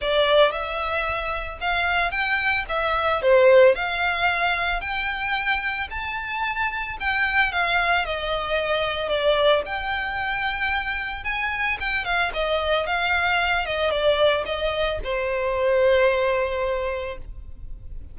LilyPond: \new Staff \with { instrumentName = "violin" } { \time 4/4 \tempo 4 = 112 d''4 e''2 f''4 | g''4 e''4 c''4 f''4~ | f''4 g''2 a''4~ | a''4 g''4 f''4 dis''4~ |
dis''4 d''4 g''2~ | g''4 gis''4 g''8 f''8 dis''4 | f''4. dis''8 d''4 dis''4 | c''1 | }